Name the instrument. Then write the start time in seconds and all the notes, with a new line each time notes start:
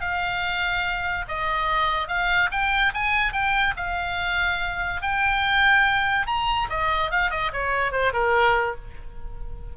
oboe
0.00 F5
1.28 D#5
2.08 F5
2.51 G5
2.93 G#5
3.32 G5
3.76 F5
5.02 G5
6.26 A#5
6.69 D#5
7.10 F5
7.30 D#5
7.53 C#5
7.91 C5
8.13 A#4